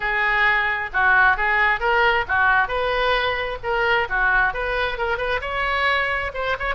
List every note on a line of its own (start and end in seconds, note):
0.00 0.90 G#4
0.93 1.37 F#4
1.37 1.79 G#4
1.79 2.25 A#4
2.28 2.68 F#4
2.68 3.58 B4
3.63 4.08 A#4
4.09 4.53 F#4
4.53 4.98 B4
4.98 5.17 A#4
5.17 5.40 B4
5.41 6.31 C#5
6.34 6.56 C5
6.59 6.74 C#5